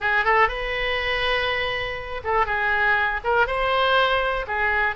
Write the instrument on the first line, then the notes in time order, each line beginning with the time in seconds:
oboe
0.00 G#4
0.24 A4
0.48 B4
2.24 A4
2.45 G#4
3.23 A#4
3.46 C5
4.47 G#4